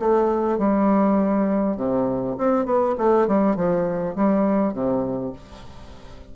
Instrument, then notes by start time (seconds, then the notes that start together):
bassoon
0.00 A3
0.59 G3
1.77 C3
2.38 C4
2.66 B3
2.98 A3
3.28 G3
3.56 F3
4.16 G3
4.74 C3